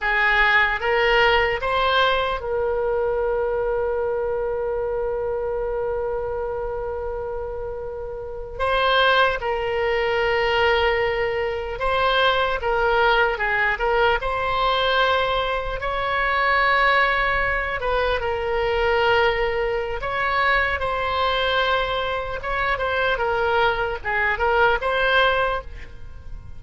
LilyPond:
\new Staff \with { instrumentName = "oboe" } { \time 4/4 \tempo 4 = 75 gis'4 ais'4 c''4 ais'4~ | ais'1~ | ais'2~ ais'8. c''4 ais'16~ | ais'2~ ais'8. c''4 ais'16~ |
ais'8. gis'8 ais'8 c''2 cis''16~ | cis''2~ cis''16 b'8 ais'4~ ais'16~ | ais'4 cis''4 c''2 | cis''8 c''8 ais'4 gis'8 ais'8 c''4 | }